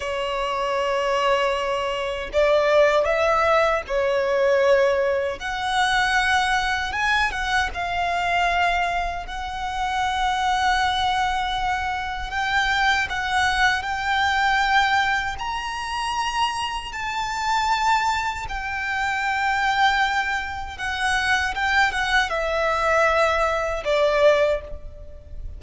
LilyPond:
\new Staff \with { instrumentName = "violin" } { \time 4/4 \tempo 4 = 78 cis''2. d''4 | e''4 cis''2 fis''4~ | fis''4 gis''8 fis''8 f''2 | fis''1 |
g''4 fis''4 g''2 | ais''2 a''2 | g''2. fis''4 | g''8 fis''8 e''2 d''4 | }